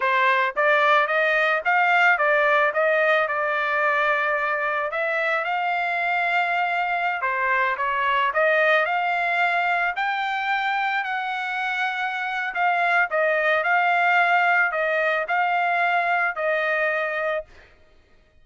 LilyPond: \new Staff \with { instrumentName = "trumpet" } { \time 4/4 \tempo 4 = 110 c''4 d''4 dis''4 f''4 | d''4 dis''4 d''2~ | d''4 e''4 f''2~ | f''4~ f''16 c''4 cis''4 dis''8.~ |
dis''16 f''2 g''4.~ g''16~ | g''16 fis''2~ fis''8. f''4 | dis''4 f''2 dis''4 | f''2 dis''2 | }